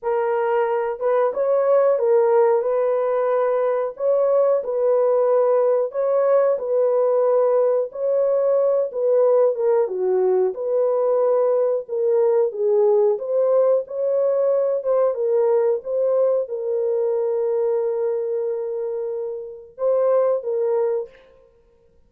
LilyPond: \new Staff \with { instrumentName = "horn" } { \time 4/4 \tempo 4 = 91 ais'4. b'8 cis''4 ais'4 | b'2 cis''4 b'4~ | b'4 cis''4 b'2 | cis''4. b'4 ais'8 fis'4 |
b'2 ais'4 gis'4 | c''4 cis''4. c''8 ais'4 | c''4 ais'2.~ | ais'2 c''4 ais'4 | }